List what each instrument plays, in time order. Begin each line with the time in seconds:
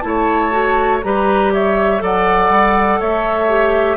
0.00 bassoon A3, clarinet E4, flute A5
0.07 oboe C#5
0.51 clarinet F#4
1.03 bassoon G3, clarinet G4, oboe B4, flute A#5
1.53 oboe C#5, flute E5
1.99 bassoon F#3, clarinet A4, oboe D5, flute F#5
2.49 bassoon G3
3.00 bassoon A3, oboe C#5, flute E5
3.48 clarinet G4